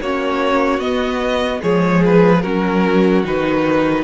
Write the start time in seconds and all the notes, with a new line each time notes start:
0.00 A#3 C#4 F#4 C#5
0.79 B3 D#5
1.61 F3 G#3 G#4 C#5
2.05 B4
2.42 F#3 C#4 F#4 A#4
3.24 D#3 D#4 B4